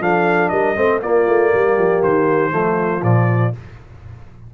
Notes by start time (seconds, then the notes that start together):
0.00 F3 D4 A4 F5
0.49 G3 A#4 D#5
0.76 A3 C4 C5
1.01 A#3 F4 D5
1.28 A3
1.51 G3 G4
1.78 F3
2.03 D#3 C5
2.51 F3 A3 F4
3.02 A#2 F3 D5